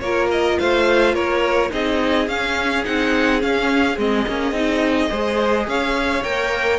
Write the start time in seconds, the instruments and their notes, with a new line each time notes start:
0.00 cello A#3, viola F4, violin A#4 C#5
0.31 violin D#5
0.59 cello A3, violin C5 F5
1.15 cello A#3, violin A#4 C#5
1.71 cello C4, viola D#4, violin G#4 D#5
2.28 cello C#4, viola C#4, violin F5
2.85 cello C4, viola D#4, violin F#5
3.41 viola C#4, cello C#4, violin F5
3.98 cello G#3, viola C4, violin D#5
4.28 cello A#3, viola C#4
4.52 cello C4, viola D#4
5.09 cello G#3, viola G#4, violin C5
5.68 cello C#4, violin C#5 F5
6.24 cello A#3, viola A#4, violin G5